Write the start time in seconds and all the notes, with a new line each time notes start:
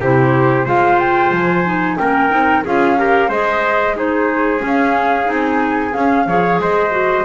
0.00 C3 E4 G4 C5
0.65 G#3 F4 C5 F5
0.99 G5
1.31 F3 G#5
1.65 D#4
1.98 A#3 C#4 A#4 G5
2.30 C4 D#4
2.65 C#4 F4 G#4 F5
2.97 G4 A#4
3.29 G#3 G#4 C5 D#5
3.95 D#4 G#4 C5
4.59 C#4
4.67 F5
5.25 C4 D#4 G#5
5.93 C#4 F5
6.26 F3 G#4 C#5
6.59 G#3 C5 D#5
6.91 F#4